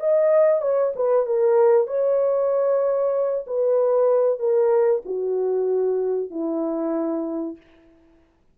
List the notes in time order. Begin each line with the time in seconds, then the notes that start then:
0.00 D#5
0.62 C#5
0.95 B4
1.26 A#4
1.87 C#5
3.47 B4
4.39 A#4
5.05 F#4
6.30 E4